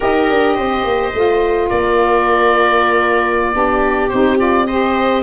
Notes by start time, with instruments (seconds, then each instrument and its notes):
0.00 tuba D#4, saxophone G4, viola A#4, oboe D#5
0.29 tuba D4
0.55 tuba C4, viola C5
0.83 tuba A#3
1.14 tuba A3, saxophone F4
1.69 tuba A#3, viola A#4, oboe D5
3.52 tuba B3, saxophone D4, viola G4
4.09 tuba C4, saxophone D#4, oboe C5
4.37 saxophone F4, oboe D5
4.66 saxophone G4, viola C5, oboe D#5